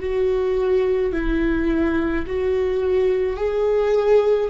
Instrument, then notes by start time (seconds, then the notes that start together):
viola
0.00 F#4
1.12 E4
2.27 F#4
3.37 G#4